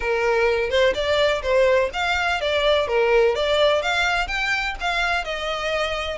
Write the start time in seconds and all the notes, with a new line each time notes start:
0.00 A#4
0.69 C5
0.94 D5
1.42 C5
1.93 F5
2.40 D5
2.87 A#4
3.35 D5
3.82 F5
4.27 G5
4.80 F5
5.24 D#5